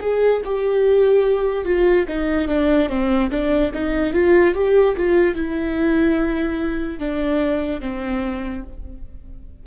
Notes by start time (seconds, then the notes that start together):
0.00 G#4
0.44 G4
1.64 F4
2.08 D#4
2.48 D4
2.89 C4
3.31 D4
3.73 D#4
4.13 F4
4.54 G4
4.96 F4
5.35 E4
6.99 D4
7.80 C4